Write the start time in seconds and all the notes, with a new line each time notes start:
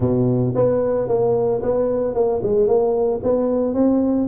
0.00 B2
0.55 B3
1.08 A#3
1.62 B3
2.14 A#3
2.42 G#3
2.67 A#3
3.23 B3
3.74 C4